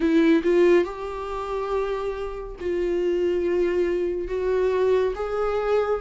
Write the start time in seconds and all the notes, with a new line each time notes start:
0.00 E4
0.43 F4
0.84 G4
2.60 F4
4.28 F#4
5.15 G#4